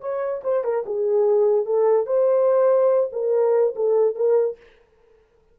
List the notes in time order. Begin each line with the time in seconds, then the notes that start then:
0.00 C#5
0.43 C5
0.63 A#4
0.86 G#4
1.65 A4
2.06 C5
3.12 A#4
3.75 A4
4.15 A#4